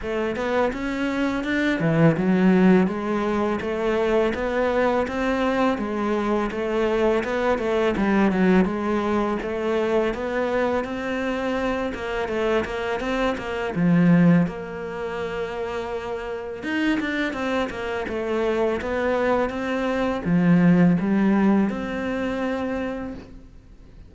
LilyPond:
\new Staff \with { instrumentName = "cello" } { \time 4/4 \tempo 4 = 83 a8 b8 cis'4 d'8 e8 fis4 | gis4 a4 b4 c'4 | gis4 a4 b8 a8 g8 fis8 | gis4 a4 b4 c'4~ |
c'8 ais8 a8 ais8 c'8 ais8 f4 | ais2. dis'8 d'8 | c'8 ais8 a4 b4 c'4 | f4 g4 c'2 | }